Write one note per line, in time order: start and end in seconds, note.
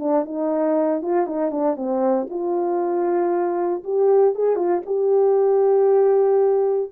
0.00 0.26 D4
0.26 1.02 D#4
1.02 1.27 F4
1.27 1.52 D#4
1.52 1.77 D4
1.77 2.28 C4
2.30 3.84 F4
3.84 4.35 G4
4.35 4.56 G#4
4.56 4.82 F4
4.86 6.92 G4